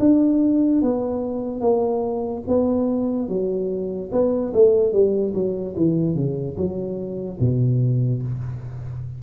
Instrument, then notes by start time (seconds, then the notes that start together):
tuba
0.00 D4
0.82 B3
1.61 A#3
2.48 B3
3.29 F#3
4.12 B3
4.54 A3
4.93 G3
5.34 F#3
5.76 E3
6.16 C#3
6.57 F#3
7.40 B2